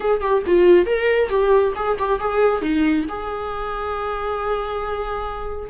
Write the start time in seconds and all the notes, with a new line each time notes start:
0.00 G#4
0.21 G4
0.46 F4
0.85 A#4
1.29 G4
1.75 G#4
1.98 G4
2.19 G#4
2.61 D#4
3.08 G#4